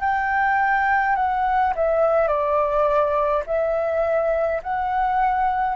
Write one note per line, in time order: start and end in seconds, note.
0.00 1.15 G5
1.15 1.73 F#5
1.76 2.28 E5
2.28 3.43 D5
3.46 4.62 E5
4.63 5.76 F#5